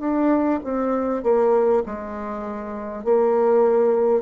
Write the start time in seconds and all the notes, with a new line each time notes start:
0.00 D4
0.63 C4
1.23 A#3
1.85 G#3
3.04 A#3